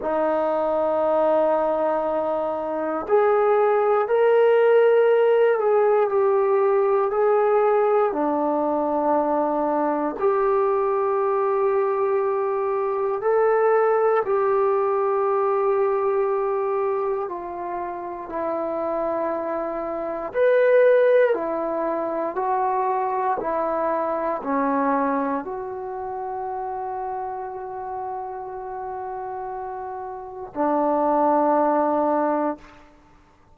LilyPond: \new Staff \with { instrumentName = "trombone" } { \time 4/4 \tempo 4 = 59 dis'2. gis'4 | ais'4. gis'8 g'4 gis'4 | d'2 g'2~ | g'4 a'4 g'2~ |
g'4 f'4 e'2 | b'4 e'4 fis'4 e'4 | cis'4 fis'2.~ | fis'2 d'2 | }